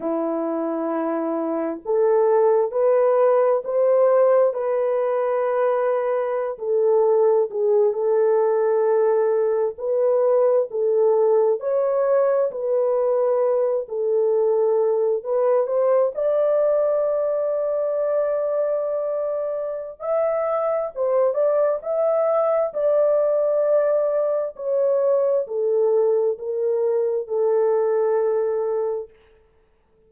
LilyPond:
\new Staff \with { instrumentName = "horn" } { \time 4/4 \tempo 4 = 66 e'2 a'4 b'4 | c''4 b'2~ b'16 a'8.~ | a'16 gis'8 a'2 b'4 a'16~ | a'8. cis''4 b'4. a'8.~ |
a'8. b'8 c''8 d''2~ d''16~ | d''2 e''4 c''8 d''8 | e''4 d''2 cis''4 | a'4 ais'4 a'2 | }